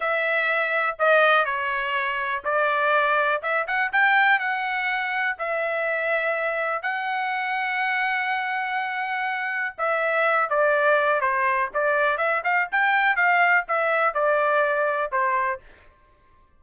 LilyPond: \new Staff \with { instrumentName = "trumpet" } { \time 4/4 \tempo 4 = 123 e''2 dis''4 cis''4~ | cis''4 d''2 e''8 fis''8 | g''4 fis''2 e''4~ | e''2 fis''2~ |
fis''1 | e''4. d''4. c''4 | d''4 e''8 f''8 g''4 f''4 | e''4 d''2 c''4 | }